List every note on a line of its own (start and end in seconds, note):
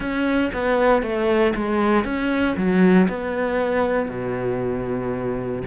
0.00 0.51 C#4
0.53 1.02 B3
1.02 1.53 A3
1.55 2.04 G#3
2.04 2.55 C#4
2.56 3.08 F#3
3.08 4.09 B3
4.09 5.62 B2